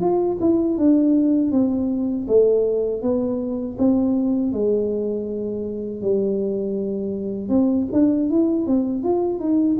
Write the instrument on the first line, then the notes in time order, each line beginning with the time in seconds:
tuba
0.00 F4
0.40 E4
0.77 D4
1.52 C4
2.28 A3
3.02 B3
3.78 C4
4.52 G#3
6.02 G3
7.49 C4
7.93 D4
8.29 E4
8.66 C4
9.03 F4
9.40 D#4